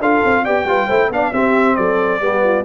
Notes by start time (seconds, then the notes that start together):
0.00 D4 F4 A4 F5
0.25 C4
0.44 B3 G4 D5 G5
0.65 G3 F4 B4
0.86 A3 E4 C5
1.10 B3 D4 D5 F5
1.33 C4 G4 E5
1.76 F#3 A4 D5
2.21 G3 B3 G4
2.44 F4